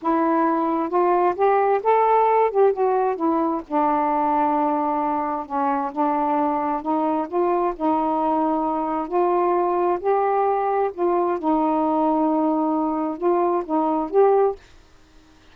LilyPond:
\new Staff \with { instrumentName = "saxophone" } { \time 4/4 \tempo 4 = 132 e'2 f'4 g'4 | a'4. g'8 fis'4 e'4 | d'1 | cis'4 d'2 dis'4 |
f'4 dis'2. | f'2 g'2 | f'4 dis'2.~ | dis'4 f'4 dis'4 g'4 | }